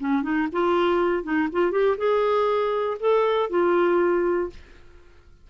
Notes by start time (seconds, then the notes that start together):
0.00 C#4
0.23 D#4
0.52 F4
1.24 D#4
1.52 F4
1.72 G4
1.98 G#4
3.00 A4
3.50 F4